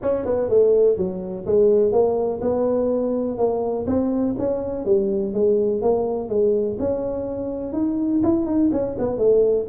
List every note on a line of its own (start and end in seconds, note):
0.02 0.25 C#4
0.25 0.49 B3
0.49 0.97 A3
0.97 1.45 F#3
1.46 1.92 G#3
1.92 2.40 A#3
2.41 3.37 B3
3.37 3.86 A#3
3.87 4.35 C4
4.38 4.85 C#4
4.85 5.33 G3
5.33 5.81 G#3
5.81 6.28 A#3
6.28 6.77 G#3
6.79 7.72 C#4
7.72 8.21 D#4
8.23 8.45 E4
8.45 8.70 D#4
8.72 8.96 C#4
8.98 9.18 B3
9.18 9.66 A3